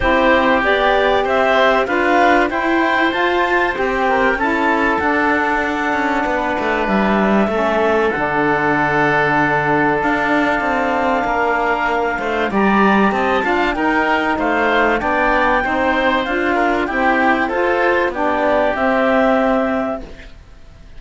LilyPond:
<<
  \new Staff \with { instrumentName = "clarinet" } { \time 4/4 \tempo 4 = 96 c''4 d''4 e''4 f''4 | g''4 a''4 g''4 a''4 | fis''2. e''4~ | e''4 fis''2. |
f''1 | ais''4 a''4 g''4 f''4 | g''2 f''4 g''4 | c''4 d''4 e''2 | }
  \new Staff \with { instrumentName = "oboe" } { \time 4/4 g'2 c''4 b'4 | c''2~ c''8 ais'8 a'4~ | a'2 b'2 | a'1~ |
a'2 ais'4. c''8 | d''4 dis''8 f''8 ais'4 c''4 | d''4 c''4. ais'8 g'4 | a'4 g'2. | }
  \new Staff \with { instrumentName = "saxophone" } { \time 4/4 e'4 g'2 f'4 | e'4 f'4 g'4 e'4 | d'1 | cis'4 d'2.~ |
d'1 | g'4. f'8 dis'2 | d'4 dis'4 f'4 c'4 | f'4 d'4 c'2 | }
  \new Staff \with { instrumentName = "cello" } { \time 4/4 c'4 b4 c'4 d'4 | e'4 f'4 c'4 cis'4 | d'4. cis'8 b8 a8 g4 | a4 d2. |
d'4 c'4 ais4. a8 | g4 c'8 d'8 dis'4 a4 | b4 c'4 d'4 e'4 | f'4 b4 c'2 | }
>>